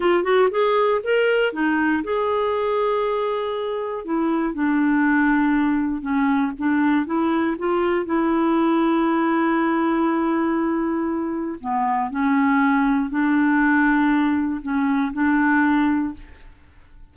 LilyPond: \new Staff \with { instrumentName = "clarinet" } { \time 4/4 \tempo 4 = 119 f'8 fis'8 gis'4 ais'4 dis'4 | gis'1 | e'4 d'2. | cis'4 d'4 e'4 f'4 |
e'1~ | e'2. b4 | cis'2 d'2~ | d'4 cis'4 d'2 | }